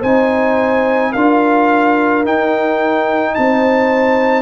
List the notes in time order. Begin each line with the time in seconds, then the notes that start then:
0.00 C4 D#4 C5 G#5
1.12 D4 F4 A#4 F5
2.24 D#4 G5
3.35 C4 C5 A5